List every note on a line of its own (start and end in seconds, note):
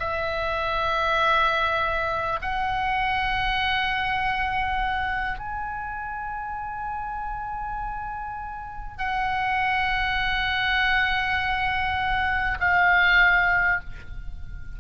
0.00 2.40 E5
2.42 5.39 F#5
5.39 8.98 G#5
8.98 12.58 F#5
12.61 13.81 F5